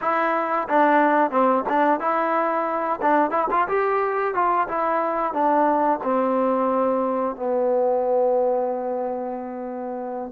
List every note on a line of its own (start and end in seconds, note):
0.01 0.68 E4
0.68 1.30 D4
1.30 1.64 C4
1.68 2.00 D4
2.00 3.00 E4
3.01 3.30 D4
3.30 3.47 E4
3.50 3.67 F4
3.68 4.34 G4
4.34 4.67 F4
4.68 5.33 E4
5.33 5.99 D4
6.03 7.35 C4
7.35 10.32 B3